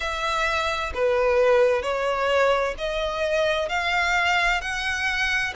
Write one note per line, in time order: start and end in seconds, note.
0.00 0.92 E5
0.94 1.82 B4
1.82 2.74 C#5
2.77 3.68 D#5
3.68 4.61 F5
4.61 5.53 F#5